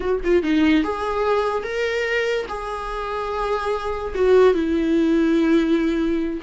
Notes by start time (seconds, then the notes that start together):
0.00 F#4
0.24 F4
0.42 D#4
0.83 G#4
1.63 A#4
2.48 G#4
4.14 F#4
4.54 E4